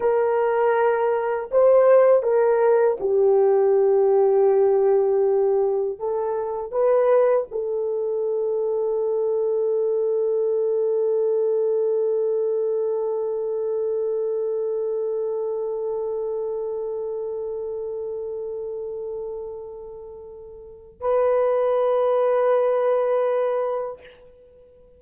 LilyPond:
\new Staff \with { instrumentName = "horn" } { \time 4/4 \tempo 4 = 80 ais'2 c''4 ais'4 | g'1 | a'4 b'4 a'2~ | a'1~ |
a'1~ | a'1~ | a'1 | b'1 | }